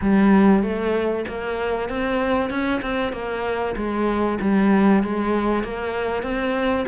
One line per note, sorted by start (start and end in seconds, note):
0.01 0.62 G3
0.62 1.25 A3
1.28 1.89 A#3
1.89 2.50 C4
2.50 2.81 C#4
2.81 3.12 C4
3.12 3.75 A#3
3.76 4.38 G#3
4.40 5.03 G3
5.03 5.63 G#3
5.63 6.22 A#3
6.22 6.85 C4